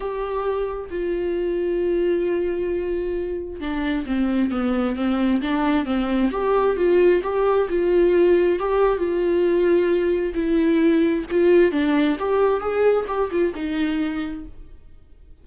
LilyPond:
\new Staff \with { instrumentName = "viola" } { \time 4/4 \tempo 4 = 133 g'2 f'2~ | f'1 | d'4 c'4 b4 c'4 | d'4 c'4 g'4 f'4 |
g'4 f'2 g'4 | f'2. e'4~ | e'4 f'4 d'4 g'4 | gis'4 g'8 f'8 dis'2 | }